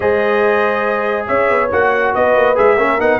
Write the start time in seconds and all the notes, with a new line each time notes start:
0.00 G#3 G#4 C5 D#5
1.27 C#4 C#5 E5
1.50 B3
1.72 A#3 F#4 F#5
2.14 B3 B4 D#5
2.35 A#3
2.55 G#3 G#4 E5
2.77 A#3 C#4 A#4
2.98 B3 D#4 F#5